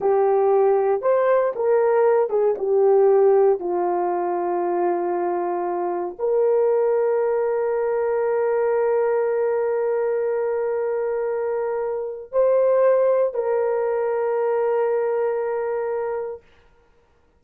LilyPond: \new Staff \with { instrumentName = "horn" } { \time 4/4 \tempo 4 = 117 g'2 c''4 ais'4~ | ais'8 gis'8 g'2 f'4~ | f'1 | ais'1~ |
ais'1~ | ais'1 | c''2 ais'2~ | ais'1 | }